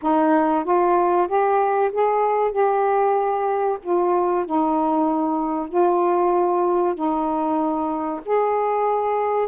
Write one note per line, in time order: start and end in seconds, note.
0.01 0.64 D#4
0.64 1.27 F4
1.27 1.91 G4
1.92 2.51 G#4
2.51 3.78 G4
3.82 4.45 F4
4.45 5.68 D#4
5.68 6.94 F4
6.94 8.20 D#4
8.25 9.48 G#4